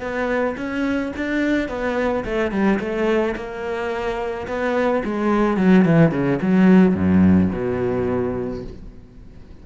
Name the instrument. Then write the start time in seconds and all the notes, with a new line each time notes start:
cello
0.00 B3
0.57 C#4
1.16 D4
1.68 B3
2.25 A3
2.51 G3
2.79 A3
3.36 A#3
4.47 B3
5.04 G#3
5.57 F#3
5.85 E3
6.11 C#3
6.42 F#3
6.95 F#2
7.52 B2